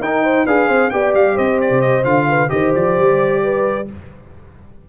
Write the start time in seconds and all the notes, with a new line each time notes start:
0.00 D#4 A#4 G5
0.23 C5
0.45 D4 G#4 B4 F5
0.68 C4 C5
0.90 B3 G4 D5 G5
1.15 G3 F5
1.36 C4 C5 D#5
1.61 D5
1.70 C3
1.82 D#5
2.04 D3 F4 F5
2.29 B4
2.49 D#3 G4 C5 D#5
2.75 F3 D5
2.99 G3
3.44 B4